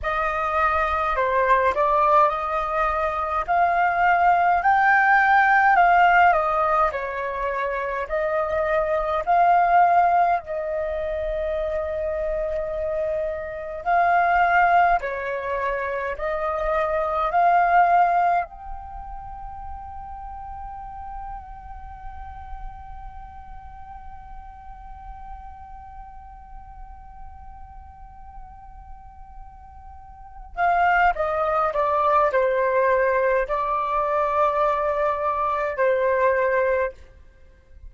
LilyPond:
\new Staff \with { instrumentName = "flute" } { \time 4/4 \tempo 4 = 52 dis''4 c''8 d''8 dis''4 f''4 | g''4 f''8 dis''8 cis''4 dis''4 | f''4 dis''2. | f''4 cis''4 dis''4 f''4 |
g''1~ | g''1~ | g''2~ g''8 f''8 dis''8 d''8 | c''4 d''2 c''4 | }